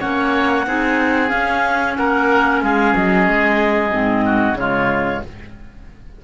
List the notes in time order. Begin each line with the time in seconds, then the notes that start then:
0.00 A#3 C#4 C#5 F#5
0.67 C4 D#4 G#4
1.29 C#4 F5
1.96 A#3 A#4 F#5
2.62 G#3 G#4 F5
2.96 F#3 D#5
3.28 G#3
3.91 G#2 C4
4.25 F#4
4.54 C#3 G#3 F4 C#5